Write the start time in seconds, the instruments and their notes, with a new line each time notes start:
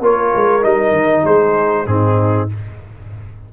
0.00 tuba A#3, trombone F4, horn A#4, trumpet C#5
0.35 tuba G#3
0.61 tuba G3, trombone D#4, trumpet D#5
0.91 tuba D#3
1.24 tuba G#3, horn G#4, trumpet C5
1.86 tuba G#2, trombone C4, horn D#4, trumpet G#4